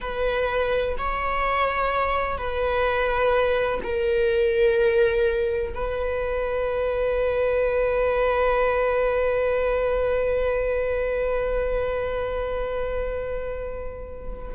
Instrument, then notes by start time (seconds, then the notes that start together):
viola
0.00 B4
0.97 C#5
2.37 B4
3.83 A#4
5.74 B4